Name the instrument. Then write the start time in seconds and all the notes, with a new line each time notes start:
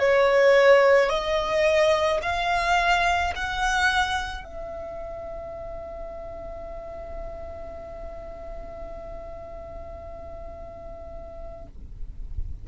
violin
0.00 C#5
1.10 D#5
2.23 F5
3.35 F#5
4.44 E5